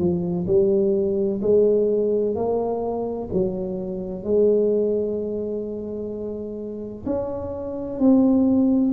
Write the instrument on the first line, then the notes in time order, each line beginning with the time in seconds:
tuba
0.00 F3
0.48 G3
1.42 G#3
2.36 A#3
3.33 F#3
4.24 G#3
7.06 C#4
8.00 C4